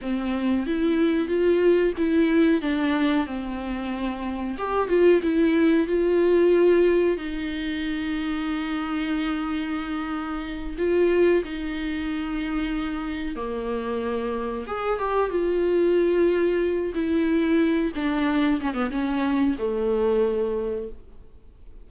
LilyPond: \new Staff \with { instrumentName = "viola" } { \time 4/4 \tempo 4 = 92 c'4 e'4 f'4 e'4 | d'4 c'2 g'8 f'8 | e'4 f'2 dis'4~ | dis'1~ |
dis'8 f'4 dis'2~ dis'8~ | dis'8 ais2 gis'8 g'8 f'8~ | f'2 e'4. d'8~ | d'8 cis'16 b16 cis'4 a2 | }